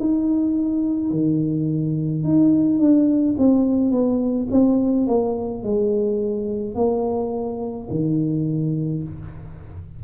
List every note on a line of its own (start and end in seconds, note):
0.00 1.11 D#4
1.11 2.24 D#3
2.24 2.79 D#4
2.79 3.36 D4
3.38 3.91 C4
3.91 4.48 B3
4.51 5.07 C4
5.07 5.63 A#3
5.63 6.75 G#3
6.75 7.88 A#3
7.90 9.03 D#3